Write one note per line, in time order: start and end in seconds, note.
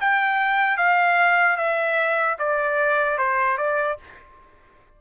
0.00 0.77 G5
0.77 1.56 F5
1.56 2.36 E5
2.39 3.18 D5
3.18 3.57 C5
3.57 3.97 D5